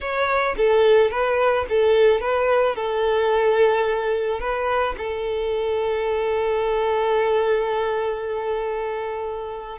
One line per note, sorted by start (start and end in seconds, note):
0.00 0.55 C#5
0.57 1.10 A4
1.10 1.65 B4
1.69 2.20 A4
2.20 2.75 B4
2.75 4.40 A4
4.40 4.95 B4
4.97 9.79 A4